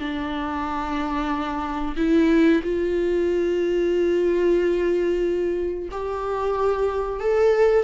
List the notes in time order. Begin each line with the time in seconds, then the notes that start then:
0.00 D4
1.97 E4
2.64 F4
5.92 G4
7.20 A4